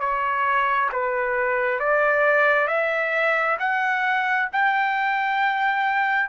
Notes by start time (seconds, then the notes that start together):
0.00 C#5
0.92 B4
1.80 D5
2.67 E5
3.59 F#5
4.52 G5